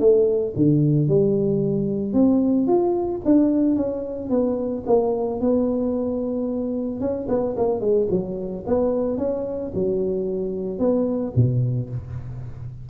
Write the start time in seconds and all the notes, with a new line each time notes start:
0.00 A3
0.56 D3
1.08 G3
2.14 C4
2.68 F4
3.25 D4
3.76 C#4
4.30 B3
4.86 A#3
5.41 B3
7.00 C#4
7.29 B3
7.57 A#3
7.81 G#3
8.11 F#3
8.67 B3
9.18 C#4
9.75 F#3
10.79 B3
11.36 B2